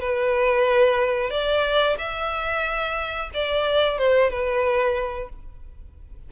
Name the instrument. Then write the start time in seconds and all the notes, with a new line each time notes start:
violin
0.00 B4
1.30 D5
1.98 E5
3.34 D5
3.98 C5
4.30 B4